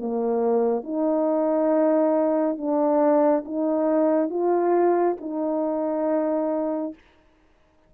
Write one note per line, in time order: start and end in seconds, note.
0.00 0.84 A#3
0.84 2.58 D#4
2.58 3.45 D4
3.45 4.30 D#4
4.30 5.17 F4
5.21 6.95 D#4